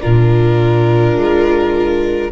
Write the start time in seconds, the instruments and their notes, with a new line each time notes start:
0.00 tuba A#2, viola D4 F4, violin A#4
1.17 tuba G#3